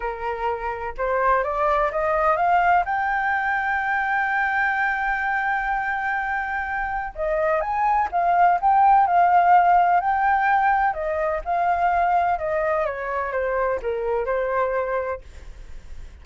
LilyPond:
\new Staff \with { instrumentName = "flute" } { \time 4/4 \tempo 4 = 126 ais'2 c''4 d''4 | dis''4 f''4 g''2~ | g''1~ | g''2. dis''4 |
gis''4 f''4 g''4 f''4~ | f''4 g''2 dis''4 | f''2 dis''4 cis''4 | c''4 ais'4 c''2 | }